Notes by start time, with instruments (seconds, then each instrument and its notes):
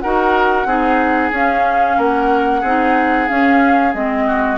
0.00 bassoon D#4, clarinet F#4, oboe A#4, flute F#5
0.65 bassoon C4, clarinet D#4, oboe G#4
1.31 bassoon C#4, clarinet C#4, flute F5
1.97 bassoon A#3, oboe A#4, flute F#5
2.60 bassoon C4, clarinet D#4, oboe G#4
3.28 clarinet C#4, bassoon C#4, flute F5
3.94 bassoon G#3, clarinet C4, flute D#5
4.27 oboe F#4